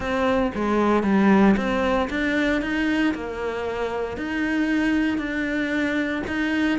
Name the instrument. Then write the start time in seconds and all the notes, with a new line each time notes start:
cello
0.00 C4
0.54 G#3
1.03 G3
1.57 C4
2.10 D4
2.61 D#4
3.14 A#3
4.17 D#4
5.18 D4
6.27 D#4